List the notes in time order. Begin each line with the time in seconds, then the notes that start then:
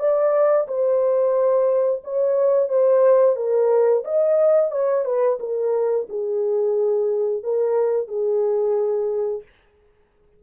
0.00 D5
0.68 C5
2.04 C#5
2.69 C5
3.36 A#4
4.05 D#5
4.72 C#5
5.05 B4
5.40 A#4
6.09 G#4
7.44 A#4
8.08 G#4